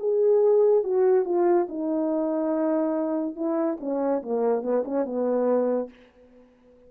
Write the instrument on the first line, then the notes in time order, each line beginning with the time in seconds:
horn
0.00 G#4
0.84 F#4
1.26 F4
1.69 D#4
3.36 E4
3.80 C#4
4.23 A#3
4.63 B3
4.86 C#4
5.06 B3